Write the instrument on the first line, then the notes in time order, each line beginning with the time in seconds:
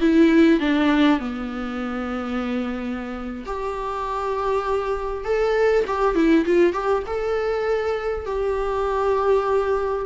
viola
0.00 E4
0.59 D4
1.19 B3
3.46 G4
5.24 A4
5.87 G4
6.15 E4
6.45 F4
6.73 G4
7.06 A4
8.26 G4